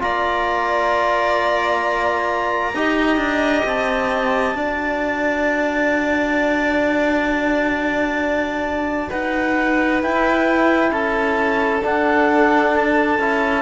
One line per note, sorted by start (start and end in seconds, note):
0.00 2.74 A#3
0.00 2.73 F4
0.00 2.75 D5
0.00 3.65 A#5
2.74 3.17 D#4
2.74 4.55 G4
2.74 4.56 D#5
3.17 3.62 D4
3.65 4.54 C4
3.65 9.10 A5
4.54 9.09 D4
4.54 10.01 F#4
4.54 9.09 D5
9.09 10.03 D#4
9.09 10.91 B4
9.09 10.01 F#5
10.02 11.81 E4
10.02 10.91 E4
10.02 10.92 G5
10.91 11.82 C#4
10.91 13.62 A4
10.91 11.83 A5
11.81 13.18 D4
11.81 13.19 D4
11.81 12.75 F#5
12.75 13.62 A5
13.19 13.62 C#4
13.19 13.62 E4